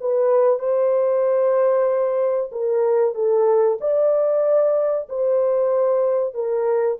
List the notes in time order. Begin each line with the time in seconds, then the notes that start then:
0.00 B4
0.59 C5
2.52 A#4
3.14 A4
3.80 D5
5.09 C5
6.34 A#4